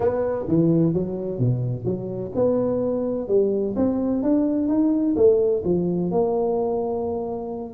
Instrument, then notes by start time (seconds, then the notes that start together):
tuba
0.00 B3
0.48 E3
0.93 F#3
1.38 B2
1.84 F#3
2.35 B3
3.28 G3
3.76 C4
4.23 D4
4.68 D#4
5.16 A3
5.64 F3
6.11 A#3